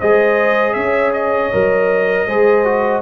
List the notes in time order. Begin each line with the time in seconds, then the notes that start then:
0.00 G#3 G#4 C5 D#5
0.74 C#4 C#5 E5
1.13 D#5
1.52 F#3 A#4
2.27 G#3 G#4 C5
2.65 F#4